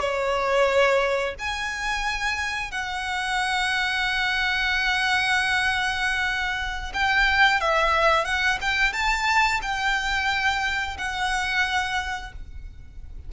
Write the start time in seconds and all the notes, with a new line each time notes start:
0.00 C#5
1.39 G#5
2.71 F#5
6.93 G5
7.60 E5
8.25 F#5
8.61 G5
8.93 A5
9.62 G5
10.98 F#5